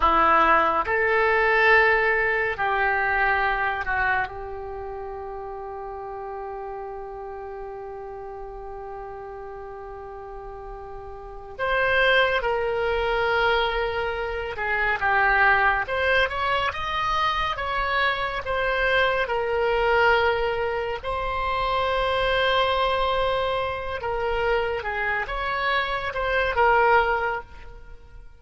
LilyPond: \new Staff \with { instrumentName = "oboe" } { \time 4/4 \tempo 4 = 70 e'4 a'2 g'4~ | g'8 fis'8 g'2.~ | g'1~ | g'4. c''4 ais'4.~ |
ais'4 gis'8 g'4 c''8 cis''8 dis''8~ | dis''8 cis''4 c''4 ais'4.~ | ais'8 c''2.~ c''8 | ais'4 gis'8 cis''4 c''8 ais'4 | }